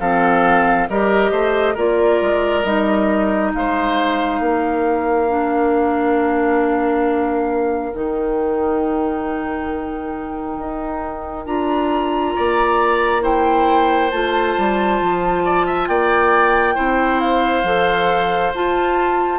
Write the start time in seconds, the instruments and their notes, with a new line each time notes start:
0.00 bassoon F3, clarinet C4, oboe A4, flute F5
0.89 bassoon G3, clarinet G4, oboe A#4, flute D#5
1.31 bassoon A3, oboe C5
1.74 bassoon A#3, clarinet F4, oboe A#4, flute D5
2.21 bassoon G#3
2.63 bassoon G3, clarinet D#4, flute D#5
3.54 bassoon G#3, oboe C5, flute F5
4.40 bassoon A#3, oboe A#4
5.28 clarinet D4
7.93 bassoon D#3, clarinet D#4, flute G5
10.58 bassoon D#4
11.46 bassoon D4, clarinet F4, flute A#5
12.36 bassoon A#3, oboe D5
13.22 clarinet E4, oboe C5, flute G5
14.11 bassoon A3, clarinet F4, flute A5
14.58 bassoon G3
15.01 bassoon F3
15.45 oboe D5
15.66 oboe E5
15.88 bassoon A#3, oboe D5, flute G5
16.75 bassoon C4, clarinet E4, oboe C5
17.20 flute F5
17.63 bassoon F3, clarinet A4
18.54 bassoon F4, clarinet F4, flute A5